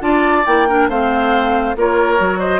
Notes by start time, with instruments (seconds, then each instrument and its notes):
0.00 bassoon D4, clarinet F4, oboe D5, flute A5
0.46 bassoon A#3, clarinet E4, flute G5
0.68 clarinet D4, oboe A#4
0.88 bassoon A3, clarinet C4, oboe C5, flute F5
1.76 bassoon A#3, clarinet F4, oboe A#4, flute C#5
2.18 bassoon F#3, clarinet F#4
2.39 oboe C5, flute D#5